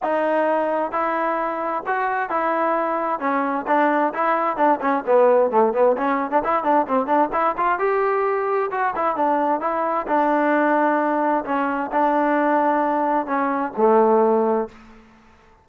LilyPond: \new Staff \with { instrumentName = "trombone" } { \time 4/4 \tempo 4 = 131 dis'2 e'2 | fis'4 e'2 cis'4 | d'4 e'4 d'8 cis'8 b4 | a8 b8 cis'8. d'16 e'8 d'8 c'8 d'8 |
e'8 f'8 g'2 fis'8 e'8 | d'4 e'4 d'2~ | d'4 cis'4 d'2~ | d'4 cis'4 a2 | }